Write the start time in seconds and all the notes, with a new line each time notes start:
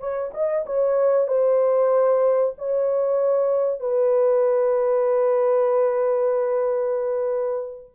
0.00 C#5
0.34 D#5
0.67 C#5
1.28 C5
2.58 C#5
3.80 B4